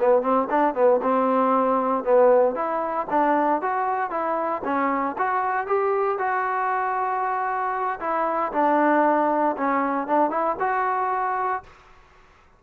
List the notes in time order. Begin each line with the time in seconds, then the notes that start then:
0.00 B3
0.22 C4
0.50 D4
0.75 B3
1.03 C4
2.05 B3
2.55 E4
3.11 D4
3.62 F#4
4.11 E4
4.65 C#4
5.18 F#4
5.67 G4
6.19 F#4
8.01 E4
8.53 D4
9.57 C#4
10.08 D4
10.31 E4
10.60 F#4